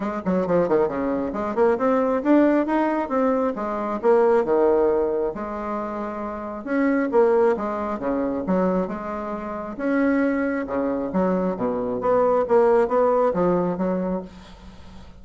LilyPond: \new Staff \with { instrumentName = "bassoon" } { \time 4/4 \tempo 4 = 135 gis8 fis8 f8 dis8 cis4 gis8 ais8 | c'4 d'4 dis'4 c'4 | gis4 ais4 dis2 | gis2. cis'4 |
ais4 gis4 cis4 fis4 | gis2 cis'2 | cis4 fis4 b,4 b4 | ais4 b4 f4 fis4 | }